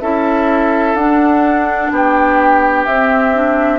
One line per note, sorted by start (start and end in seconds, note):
0.00 0.94 C#4
0.00 0.97 E4
0.00 1.92 A4
0.00 0.95 E5
0.94 1.89 D4
0.94 2.87 D4
0.94 1.91 F#5
1.91 2.86 B3
1.91 3.79 G4
1.91 2.86 G5
2.86 3.79 C4
2.86 3.34 C4
2.86 3.79 E5
3.34 3.79 D4